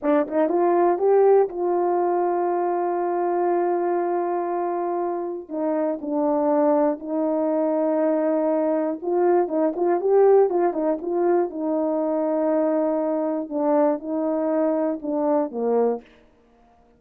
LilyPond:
\new Staff \with { instrumentName = "horn" } { \time 4/4 \tempo 4 = 120 d'8 dis'8 f'4 g'4 f'4~ | f'1~ | f'2. dis'4 | d'2 dis'2~ |
dis'2 f'4 dis'8 f'8 | g'4 f'8 dis'8 f'4 dis'4~ | dis'2. d'4 | dis'2 d'4 ais4 | }